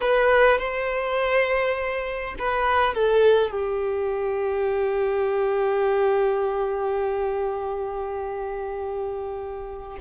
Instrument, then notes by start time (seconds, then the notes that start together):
violin
0.00 B4
0.58 C5
2.39 B4
2.94 A4
3.51 G4